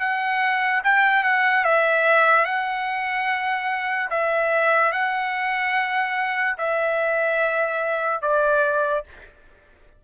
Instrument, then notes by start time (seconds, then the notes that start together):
trumpet
0.00 F#5
0.84 G5
1.23 F#5
1.64 E5
2.45 F#5
4.11 E5
4.92 F#5
6.58 E5
8.22 D5